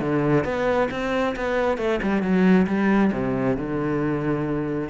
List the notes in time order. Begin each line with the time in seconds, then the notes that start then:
0.00 D3
0.44 B3
0.91 C4
1.36 B3
1.78 A3
2.02 G3
2.22 F#3
2.67 G3
3.12 C3
3.57 D3